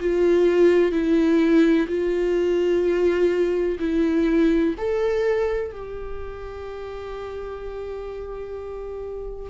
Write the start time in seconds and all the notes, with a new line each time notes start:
0.00 F4
0.92 E4
1.88 F4
3.80 E4
4.78 A4
5.71 G4